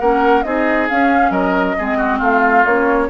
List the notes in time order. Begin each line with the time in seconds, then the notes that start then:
0.00 A#3 C#4 A#4 F#5
0.43 C4 D#4 G#4 D#5
0.89 C#4 F5
1.31 F#3 A#4 D#5
1.78 G#3 C4 G#4
1.98 F#4
2.18 A3 F4 F5
2.66 A#3 C#4 C#5